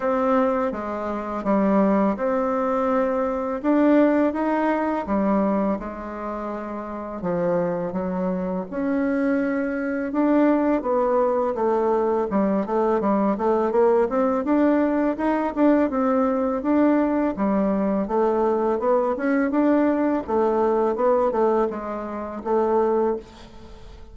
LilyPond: \new Staff \with { instrumentName = "bassoon" } { \time 4/4 \tempo 4 = 83 c'4 gis4 g4 c'4~ | c'4 d'4 dis'4 g4 | gis2 f4 fis4 | cis'2 d'4 b4 |
a4 g8 a8 g8 a8 ais8 c'8 | d'4 dis'8 d'8 c'4 d'4 | g4 a4 b8 cis'8 d'4 | a4 b8 a8 gis4 a4 | }